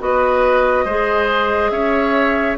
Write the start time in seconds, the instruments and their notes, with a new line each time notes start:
0.00 bassoon B3, clarinet F#4, oboe B4, flute D#5
0.85 bassoon G#3, clarinet G#4, oboe C5
1.71 bassoon C#4, oboe C#5, flute E5